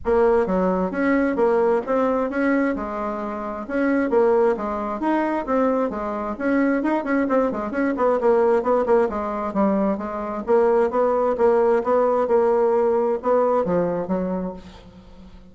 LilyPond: \new Staff \with { instrumentName = "bassoon" } { \time 4/4 \tempo 4 = 132 ais4 fis4 cis'4 ais4 | c'4 cis'4 gis2 | cis'4 ais4 gis4 dis'4 | c'4 gis4 cis'4 dis'8 cis'8 |
c'8 gis8 cis'8 b8 ais4 b8 ais8 | gis4 g4 gis4 ais4 | b4 ais4 b4 ais4~ | ais4 b4 f4 fis4 | }